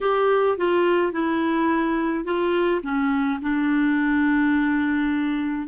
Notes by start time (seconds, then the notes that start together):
0.01 G4
0.57 F4
1.12 E4
2.24 F4
2.83 C#4
3.41 D4